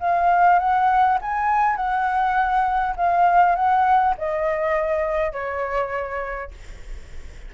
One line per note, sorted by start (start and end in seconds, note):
0.00 0.59 F5
0.59 1.19 F#5
1.22 1.76 G#5
1.76 2.95 F#5
2.96 3.56 F5
3.56 4.15 F#5
4.18 5.32 D#5
5.32 6.51 C#5